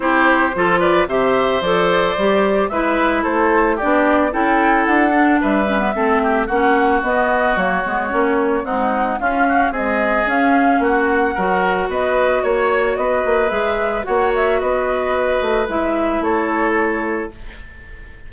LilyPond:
<<
  \new Staff \with { instrumentName = "flute" } { \time 4/4 \tempo 4 = 111 c''4. d''8 e''4 d''4~ | d''4 e''4 c''4 d''4 | g''4 fis''4 e''2 | fis''4 dis''4 cis''2 |
fis''4 f''4 dis''4 f''4 | fis''2 dis''4 cis''4 | dis''4 e''4 fis''8 e''8 dis''4~ | dis''4 e''4 cis''2 | }
  \new Staff \with { instrumentName = "oboe" } { \time 4/4 g'4 a'8 b'8 c''2~ | c''4 b'4 a'4 g'4 | a'2 b'4 a'8 g'8 | fis'1 |
dis'4 f'8 fis'8 gis'2 | fis'4 ais'4 b'4 cis''4 | b'2 cis''4 b'4~ | b'2 a'2 | }
  \new Staff \with { instrumentName = "clarinet" } { \time 4/4 e'4 f'4 g'4 a'4 | g'4 e'2 d'4 | e'4. d'4 cis'16 b16 c'4 | cis'4 b4 ais8 b8 cis'4 |
gis4 cis'4 gis4 cis'4~ | cis'4 fis'2.~ | fis'4 gis'4 fis'2~ | fis'4 e'2. | }
  \new Staff \with { instrumentName = "bassoon" } { \time 4/4 c'4 f4 c4 f4 | g4 gis4 a4 b4 | cis'4 d'4 g4 a4 | ais4 b4 fis8 gis8 ais4 |
c'4 cis'4 c'4 cis'4 | ais4 fis4 b4 ais4 | b8 ais8 gis4 ais4 b4~ | b8 a8 gis4 a2 | }
>>